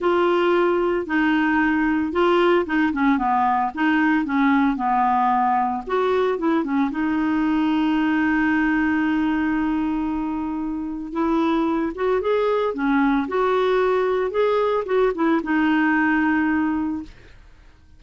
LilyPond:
\new Staff \with { instrumentName = "clarinet" } { \time 4/4 \tempo 4 = 113 f'2 dis'2 | f'4 dis'8 cis'8 b4 dis'4 | cis'4 b2 fis'4 | e'8 cis'8 dis'2.~ |
dis'1~ | dis'4 e'4. fis'8 gis'4 | cis'4 fis'2 gis'4 | fis'8 e'8 dis'2. | }